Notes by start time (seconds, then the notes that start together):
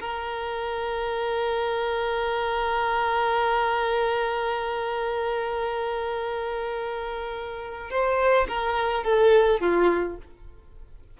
0.00 A#4
7.90 C5
8.48 A#4
9.04 A4
9.60 F4